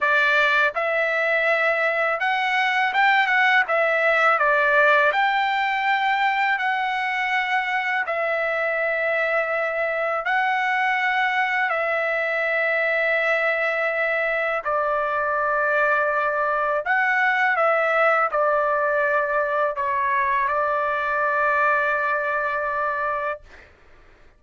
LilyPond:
\new Staff \with { instrumentName = "trumpet" } { \time 4/4 \tempo 4 = 82 d''4 e''2 fis''4 | g''8 fis''8 e''4 d''4 g''4~ | g''4 fis''2 e''4~ | e''2 fis''2 |
e''1 | d''2. fis''4 | e''4 d''2 cis''4 | d''1 | }